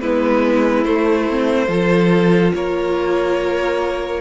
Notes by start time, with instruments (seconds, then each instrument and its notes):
0.00 cello G#3, viola B3, violin E4 B4
0.84 viola A3, cello A3, violin C5
1.30 viola C4
1.67 cello F3, viola F4, violin A4
2.54 cello A#3, violin A#4 C#5